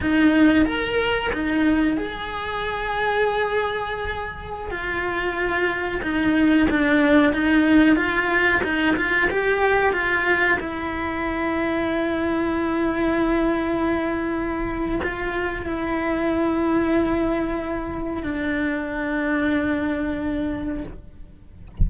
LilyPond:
\new Staff \with { instrumentName = "cello" } { \time 4/4 \tempo 4 = 92 dis'4 ais'4 dis'4 gis'4~ | gis'2.~ gis'16 f'8.~ | f'4~ f'16 dis'4 d'4 dis'8.~ | dis'16 f'4 dis'8 f'8 g'4 f'8.~ |
f'16 e'2.~ e'8.~ | e'2. f'4 | e'1 | d'1 | }